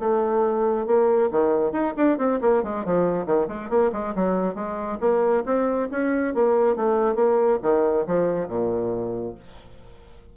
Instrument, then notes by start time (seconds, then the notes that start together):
bassoon
0.00 A3
0.87 A#3
1.31 D#3
1.72 D#4
1.97 D4
2.18 C4
2.42 A#3
2.63 G#3
2.85 F3
3.26 D#3
3.48 G#3
3.70 A#3
3.93 G#3
4.16 F#3
4.55 G#3
5.01 A#3
5.46 C4
5.91 C#4
6.35 A#3
6.76 A3
7.16 A#3
7.63 D#3
8.07 F3
8.48 A#2